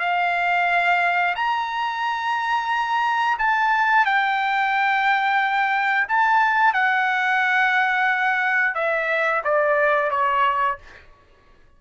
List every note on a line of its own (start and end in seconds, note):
0.00 1.35 F5
1.36 3.38 A#5
3.39 4.05 A5
4.05 6.08 G5
6.09 6.74 A5
6.74 8.75 F#5
8.75 9.42 E5
9.44 10.11 D5
10.11 10.78 C#5